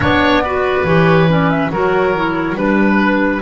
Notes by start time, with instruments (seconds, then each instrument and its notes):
0.00 double bass B3, clarinet D4, oboe C#5, flute D5
0.43 clarinet F#4, oboe B4
0.84 double bass E3, clarinet G4, flute C#5
1.28 clarinet C#4, flute D5
1.49 flute E5
1.70 double bass F#3, clarinet F#4, oboe A#4, flute C#5
2.14 clarinet E4
2.55 double bass G3, clarinet D4, oboe B4, flute B4